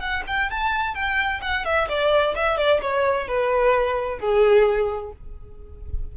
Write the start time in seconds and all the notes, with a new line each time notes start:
0.00 F#5
0.27 G5
0.50 A5
0.95 G5
1.42 F#5
1.65 E5
1.88 D5
2.35 E5
2.57 D5
2.82 C#5
3.28 B4
4.19 G#4